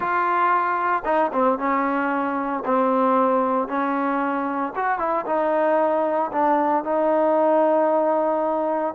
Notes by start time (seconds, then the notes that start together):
0.00 F4
1.04 D#4
1.32 C4
1.58 C#4
2.65 C4
3.67 C#4
4.75 F#4
4.98 E4
5.25 D#4
6.32 D4
6.83 D#4